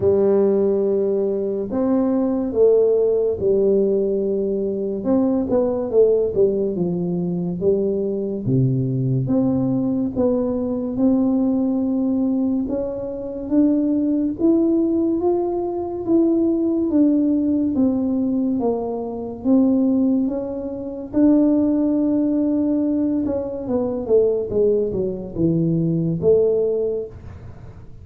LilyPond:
\new Staff \with { instrumentName = "tuba" } { \time 4/4 \tempo 4 = 71 g2 c'4 a4 | g2 c'8 b8 a8 g8 | f4 g4 c4 c'4 | b4 c'2 cis'4 |
d'4 e'4 f'4 e'4 | d'4 c'4 ais4 c'4 | cis'4 d'2~ d'8 cis'8 | b8 a8 gis8 fis8 e4 a4 | }